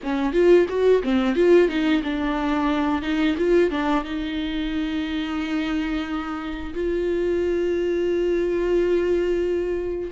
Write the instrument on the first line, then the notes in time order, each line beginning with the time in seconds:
viola
0.03 C#4
0.32 F4
0.68 F#4
1.03 C4
1.35 F4
1.68 D#4
2.03 D4
3.02 D#4
3.37 F4
3.70 D4
4.04 D#4
6.74 F4